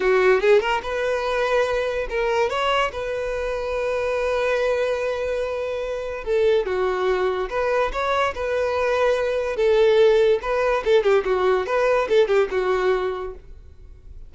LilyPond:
\new Staff \with { instrumentName = "violin" } { \time 4/4 \tempo 4 = 144 fis'4 gis'8 ais'8 b'2~ | b'4 ais'4 cis''4 b'4~ | b'1~ | b'2. a'4 |
fis'2 b'4 cis''4 | b'2. a'4~ | a'4 b'4 a'8 g'8 fis'4 | b'4 a'8 g'8 fis'2 | }